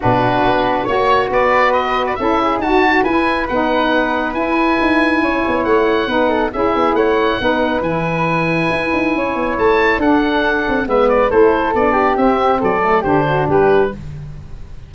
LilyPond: <<
  \new Staff \with { instrumentName = "oboe" } { \time 4/4 \tempo 4 = 138 b'2 cis''4 d''4 | dis''8. d''16 e''4 a''4 gis''4 | fis''2 gis''2~ | gis''4 fis''2 e''4 |
fis''2 gis''2~ | gis''2 a''4 fis''4~ | fis''4 e''8 d''8 c''4 d''4 | e''4 d''4 c''4 b'4 | }
  \new Staff \with { instrumentName = "flute" } { \time 4/4 fis'2 cis''4 b'4~ | b'4 a'8 gis'8 fis'4 b'4~ | b'1 | cis''2 b'8 a'8 gis'4 |
cis''4 b'2.~ | b'4 cis''2 a'4~ | a'4 b'4 a'4. g'8~ | g'4 a'4 g'8 fis'8 g'4 | }
  \new Staff \with { instrumentName = "saxophone" } { \time 4/4 d'2 fis'2~ | fis'4 e'4 fis'4 e'4 | dis'2 e'2~ | e'2 dis'4 e'4~ |
e'4 dis'4 e'2~ | e'2. d'4~ | d'4 b4 e'4 d'4 | c'4. a8 d'2 | }
  \new Staff \with { instrumentName = "tuba" } { \time 4/4 b,4 b4 ais4 b4~ | b4 cis'4 dis'4 e'4 | b2 e'4 dis'4 | cis'8 b8 a4 b4 cis'8 b8 |
a4 b4 e2 | e'8 dis'8 cis'8 b8 a4 d'4~ | d'8 c'8 gis4 a4 b4 | c'4 fis4 d4 g4 | }
>>